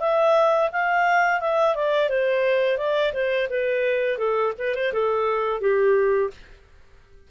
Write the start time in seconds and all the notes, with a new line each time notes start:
0.00 E5
0.72 F5
1.40 E5
1.75 D5
2.09 C5
2.77 D5
3.13 C5
3.50 B4
4.18 A4
4.58 B4
4.75 C5
4.92 A4
5.61 G4